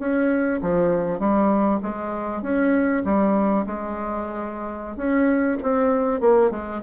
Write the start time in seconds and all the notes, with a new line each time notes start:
0.00 C#4
0.62 F3
1.20 G3
1.83 G#3
2.43 C#4
3.05 G3
3.67 G#3
4.97 C#4
5.63 C4
6.21 A#3
6.51 G#3